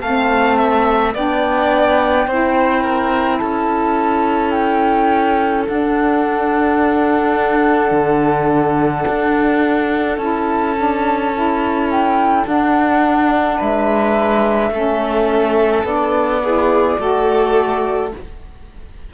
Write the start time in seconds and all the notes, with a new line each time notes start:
0.00 A3 C4 F5 A5
0.58 E5
1.14 B3 D4 D5 G5
2.27 C4 E4 C5
2.83 A#4
3.38 C#4 A4 A5
4.51 G5
5.66 D4 F#5
7.91 D3
9.07 D4
10.17 C#4 E4 A5
10.76 D4
11.34 E4
11.91 G5
12.46 D4 F#5
13.57 G#3 B4 E5
14.70 A3 C#4 A4
15.84 B3 D4 D5
16.43 E4 G#4
16.99 A3 F#4 A4